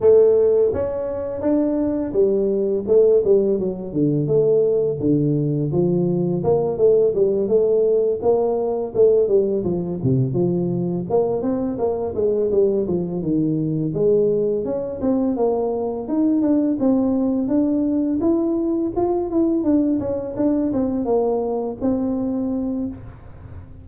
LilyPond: \new Staff \with { instrumentName = "tuba" } { \time 4/4 \tempo 4 = 84 a4 cis'4 d'4 g4 | a8 g8 fis8 d8 a4 d4 | f4 ais8 a8 g8 a4 ais8~ | ais8 a8 g8 f8 c8 f4 ais8 |
c'8 ais8 gis8 g8 f8 dis4 gis8~ | gis8 cis'8 c'8 ais4 dis'8 d'8 c'8~ | c'8 d'4 e'4 f'8 e'8 d'8 | cis'8 d'8 c'8 ais4 c'4. | }